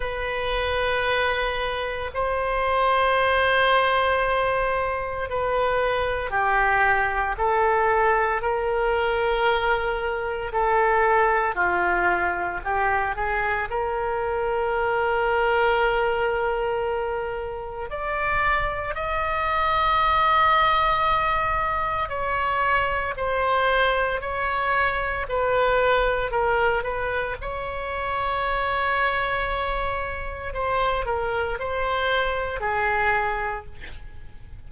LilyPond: \new Staff \with { instrumentName = "oboe" } { \time 4/4 \tempo 4 = 57 b'2 c''2~ | c''4 b'4 g'4 a'4 | ais'2 a'4 f'4 | g'8 gis'8 ais'2.~ |
ais'4 d''4 dis''2~ | dis''4 cis''4 c''4 cis''4 | b'4 ais'8 b'8 cis''2~ | cis''4 c''8 ais'8 c''4 gis'4 | }